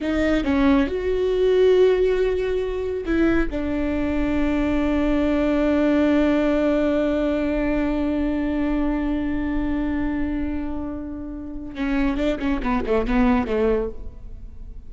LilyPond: \new Staff \with { instrumentName = "viola" } { \time 4/4 \tempo 4 = 138 dis'4 cis'4 fis'2~ | fis'2. e'4 | d'1~ | d'1~ |
d'1~ | d'1~ | d'2. cis'4 | d'8 cis'8 b8 a8 b4 a4 | }